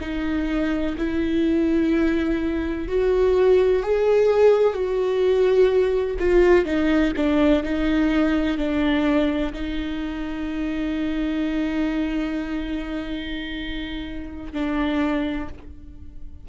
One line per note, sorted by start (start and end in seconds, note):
0.00 0.95 D#4
0.97 2.88 E4
2.88 3.83 F#4
3.83 4.73 G#4
4.73 6.16 F#4
6.19 6.65 F4
6.65 7.12 D#4
7.16 7.63 D4
7.63 8.57 D#4
8.57 9.52 D4
9.53 14.52 D#4
14.52 15.48 D4